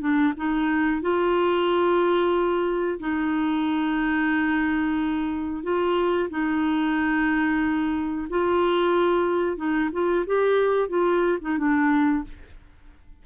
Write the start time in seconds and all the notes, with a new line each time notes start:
0.00 D4
0.37 D#4
1.01 F4
2.99 D#4
5.63 F4
6.29 D#4
8.29 F4
9.56 D#4
9.92 F4
10.26 G4
10.89 F4
11.41 D#4
11.58 D4